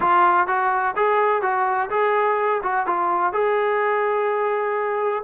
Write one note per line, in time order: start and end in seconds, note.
0.00 0.47 F4
0.47 0.94 F#4
0.95 1.42 G#4
1.42 1.89 F#4
1.90 2.61 G#4
2.62 2.86 F#4
2.86 3.32 F4
3.32 5.23 G#4